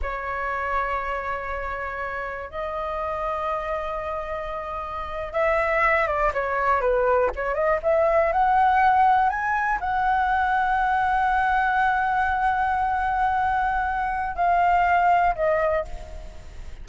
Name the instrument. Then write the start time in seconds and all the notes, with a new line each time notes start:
flute
0.02 C#5
2.50 D#5
5.32 E5
6.07 D5
6.33 C#5
6.81 B4
7.35 C#5
7.54 D#5
7.83 E5
8.32 F#5
9.29 G#5
9.80 F#5
14.35 F5
15.35 D#5